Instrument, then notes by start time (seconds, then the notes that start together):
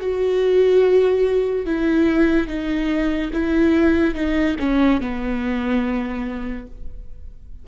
viola
0.00 F#4
1.66 E4
2.47 D#4
3.33 E4
4.14 D#4
4.59 C#4
5.00 B3